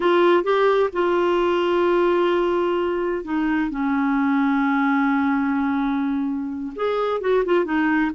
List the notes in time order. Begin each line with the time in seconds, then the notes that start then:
0.00 F4
0.43 G4
0.92 F4
3.24 D#4
3.70 C#4
6.75 G#4
7.20 F#4
7.45 F4
7.64 D#4